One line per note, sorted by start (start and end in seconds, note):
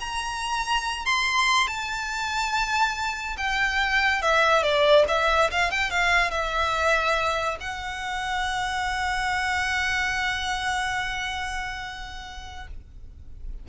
0.00 1.06 A#5
1.06 1.67 C6
1.67 3.36 A5
3.38 4.22 G5
4.22 4.63 E5
4.63 5.05 D5
5.08 5.50 E5
5.51 5.71 F5
5.71 5.91 G5
5.91 6.31 F5
6.31 7.57 E5
7.61 12.68 F#5